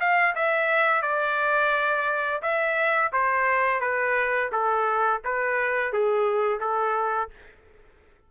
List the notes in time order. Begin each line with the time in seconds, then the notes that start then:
0.00 F5
0.35 E5
1.02 D5
2.42 E5
3.12 C5
3.81 B4
4.52 A4
5.24 B4
5.93 G#4
6.60 A4